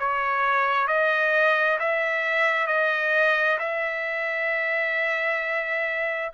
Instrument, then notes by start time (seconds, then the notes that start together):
trumpet
0.00 C#5
0.88 D#5
1.80 E5
2.68 D#5
3.60 E5